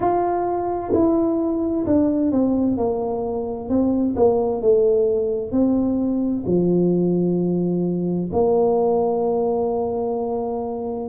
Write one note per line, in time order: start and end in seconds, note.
0.00 0.92 F4
0.93 1.85 E4
1.86 2.31 D4
2.31 2.77 C4
2.77 3.69 A#3
3.69 4.15 C4
4.16 4.61 A#3
4.61 5.51 A3
5.51 6.44 C4
6.46 8.30 F3
8.32 11.09 A#3